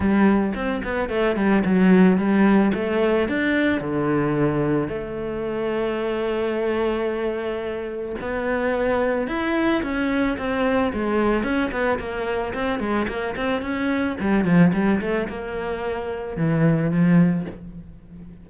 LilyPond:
\new Staff \with { instrumentName = "cello" } { \time 4/4 \tempo 4 = 110 g4 c'8 b8 a8 g8 fis4 | g4 a4 d'4 d4~ | d4 a2.~ | a2. b4~ |
b4 e'4 cis'4 c'4 | gis4 cis'8 b8 ais4 c'8 gis8 | ais8 c'8 cis'4 g8 f8 g8 a8 | ais2 e4 f4 | }